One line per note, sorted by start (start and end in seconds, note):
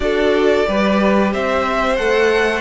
0.00 0.63 D4
0.00 0.64 F#4
0.00 0.68 A4
0.00 1.31 D5
0.64 1.34 G3
0.64 1.96 G4
0.64 1.33 B4
1.33 1.99 C4
1.33 2.61 C5
1.33 1.96 E5
1.96 2.61 A3
1.96 2.61 A4
1.96 2.61 F#5